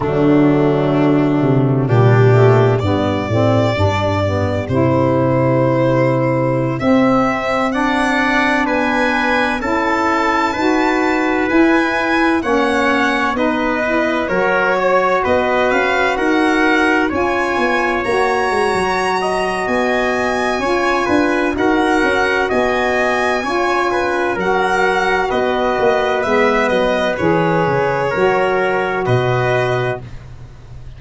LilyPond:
<<
  \new Staff \with { instrumentName = "violin" } { \time 4/4 \tempo 4 = 64 d'2 g'4 d''4~ | d''4 c''2~ c''16 e''8.~ | e''16 fis''4 gis''4 a''4.~ a''16~ | a''16 gis''4 fis''4 dis''4 cis''8.~ |
cis''16 dis''8 f''8 fis''4 gis''4 ais''8.~ | ais''4 gis''2 fis''4 | gis''2 fis''4 dis''4 | e''8 dis''8 cis''2 dis''4 | }
  \new Staff \with { instrumentName = "trumpet" } { \time 4/4 a2 d'4 g'4~ | g'1~ | g'16 d''4 b'4 a'4 b'8.~ | b'4~ b'16 cis''4 b'4 ais'8 cis''16~ |
cis''16 b'4 ais'4 cis''4.~ cis''16~ | cis''8 dis''4. cis''8 b'8 ais'4 | dis''4 cis''8 b'8 ais'4 b'4~ | b'2 ais'4 b'4 | }
  \new Staff \with { instrumentName = "saxophone" } { \time 4/4 fis2 g8 a8 b8 c'8 | d'8 b8 e'2~ e'16 c'8.~ | c'16 d'2 e'4 fis'8.~ | fis'16 e'4 cis'4 dis'8 e'8 fis'8.~ |
fis'2~ fis'16 f'4 fis'8.~ | fis'2 f'4 fis'4~ | fis'4 f'4 fis'2 | b4 gis'4 fis'2 | }
  \new Staff \with { instrumentName = "tuba" } { \time 4/4 d4. c8 ais,4 g,8 a,8 | g,4 c2~ c16 c'8.~ | c'4~ c'16 b4 cis'4 dis'8.~ | dis'16 e'4 ais4 b4 fis8.~ |
fis16 b8 cis'8 dis'4 cis'8 b8 ais8 gis16 | fis4 b4 cis'8 d'8 dis'8 cis'8 | b4 cis'4 fis4 b8 ais8 | gis8 fis8 e8 cis8 fis4 b,4 | }
>>